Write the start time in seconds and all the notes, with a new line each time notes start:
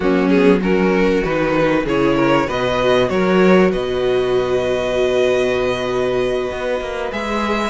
0.00 F#3 A#3 C#4 F#4
0.29 B3 G#4
0.60 C#4 F#4 A#4
1.23 D#3 D#4 B4
1.85 C#3 E4 G#4 C#5
2.15 A#4
2.46 B2 F#4 B4 D#5
3.09 F#3 A#4 C#5
3.71 B2 B4 D#5
6.51 B3
6.80 A#3
7.11 G#3 G#4 E5